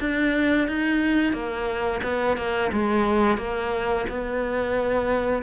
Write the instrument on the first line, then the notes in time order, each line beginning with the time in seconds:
cello
0.00 D4
0.68 D#4
1.33 A#3
2.03 B3
2.37 A#3
2.72 G#3
3.38 A#3
4.09 B3